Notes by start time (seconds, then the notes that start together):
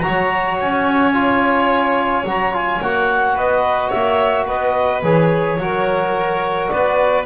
0.00 F#4 A#5
0.06 F#3 C#5
0.60 C#4 G#5
1.13 F4
2.23 F#3 F#4 A#5
2.52 F4 G#5
2.81 A#3 F#4 F#5
3.35 B3 B4 D#5
3.89 A#3 C#5 E5
4.46 B3 B4 D#5
5.02 E3 G#4 C#5
5.58 F#3 F#4 A#4
6.68 B3 B4 D5